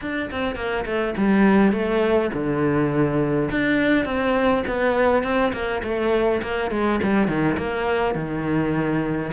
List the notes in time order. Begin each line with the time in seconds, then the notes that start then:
0.01 D4
0.30 C4
0.55 A#3
0.85 A3
1.17 G3
1.72 A3
2.33 D3
3.50 D4
4.05 C4
4.67 B3
5.23 C4
5.53 A#3
5.83 A3
6.42 A#3
6.70 G#3
7.02 G3
7.27 D#3
7.57 A#3
8.14 D#3